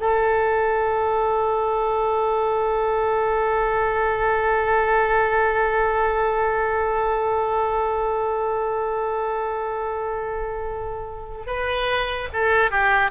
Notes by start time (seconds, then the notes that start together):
0.00 A4
11.47 B4
12.33 A4
12.71 G4